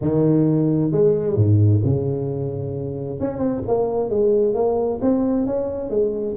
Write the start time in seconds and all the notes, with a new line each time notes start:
0.01 D#3
0.91 G#3
1.35 G#2
1.83 C#3
3.20 C#4
3.38 C4
3.67 A#3
4.09 G#3
4.54 A#3
5.01 C4
5.46 C#4
5.90 G#3